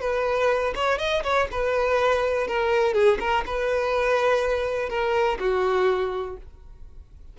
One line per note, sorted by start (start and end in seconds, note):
0.00 0.73 B4
0.75 0.98 C#5
0.98 1.22 D#5
1.23 1.47 C#5
1.51 2.47 B4
2.47 2.93 A#4
2.93 3.18 G#4
3.19 3.44 A#4
3.46 4.89 B4
4.89 5.38 A#4
5.39 6.36 F#4